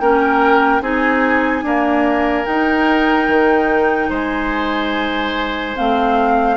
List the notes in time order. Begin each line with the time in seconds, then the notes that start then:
0.00 A#3 C#4 A#4 G5
0.81 C4 D#4 G#4 G#5
1.62 A#3 D4 A#4
2.46 D#4 G5
3.28 D#3
4.09 G#3 C5 G#5
5.76 A3 C4 F5